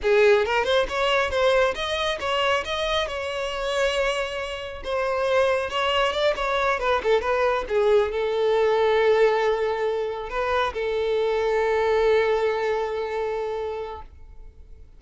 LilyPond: \new Staff \with { instrumentName = "violin" } { \time 4/4 \tempo 4 = 137 gis'4 ais'8 c''8 cis''4 c''4 | dis''4 cis''4 dis''4 cis''4~ | cis''2. c''4~ | c''4 cis''4 d''8 cis''4 b'8 |
a'8 b'4 gis'4 a'4.~ | a'2.~ a'8 b'8~ | b'8 a'2.~ a'8~ | a'1 | }